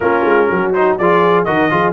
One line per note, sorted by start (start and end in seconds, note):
0.00 0.24 A#3
0.00 0.74 C#4
0.00 0.50 F4
0.00 0.72 A#4
0.24 0.48 G#3
0.50 0.98 F#3
0.50 0.98 F#4
0.73 0.99 D#4
0.73 0.97 C5
0.98 1.47 F3
0.98 1.45 F4
0.98 1.46 G#4
0.98 1.44 D5
1.44 1.70 D#3
1.44 1.70 F#4
1.44 1.70 A#4
1.44 1.93 D#5
1.70 1.93 F3
1.70 1.93 F4
1.70 1.93 G#4